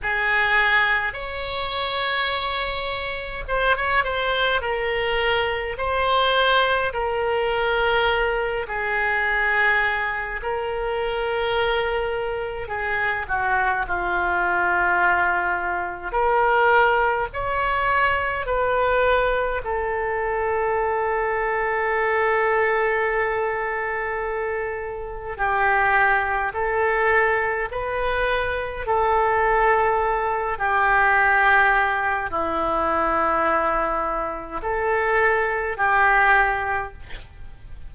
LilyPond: \new Staff \with { instrumentName = "oboe" } { \time 4/4 \tempo 4 = 52 gis'4 cis''2 c''16 cis''16 c''8 | ais'4 c''4 ais'4. gis'8~ | gis'4 ais'2 gis'8 fis'8 | f'2 ais'4 cis''4 |
b'4 a'2.~ | a'2 g'4 a'4 | b'4 a'4. g'4. | e'2 a'4 g'4 | }